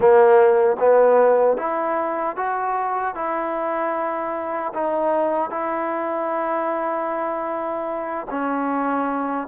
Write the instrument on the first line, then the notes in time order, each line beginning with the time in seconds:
trombone
0.00 A#3
0.79 B3
1.57 E4
2.36 F#4
3.14 E4
4.74 D#4
5.50 E4
8.30 C#4